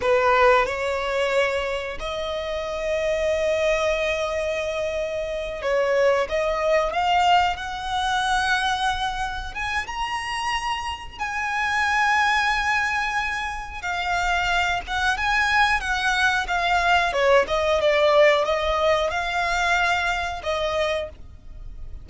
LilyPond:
\new Staff \with { instrumentName = "violin" } { \time 4/4 \tempo 4 = 91 b'4 cis''2 dis''4~ | dis''1~ | dis''8 cis''4 dis''4 f''4 fis''8~ | fis''2~ fis''8 gis''8 ais''4~ |
ais''4 gis''2.~ | gis''4 f''4. fis''8 gis''4 | fis''4 f''4 cis''8 dis''8 d''4 | dis''4 f''2 dis''4 | }